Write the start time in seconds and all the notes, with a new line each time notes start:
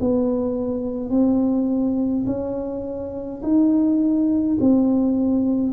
0.00 B3
1.10 C4
2.26 C#4
3.42 D#4
4.60 C4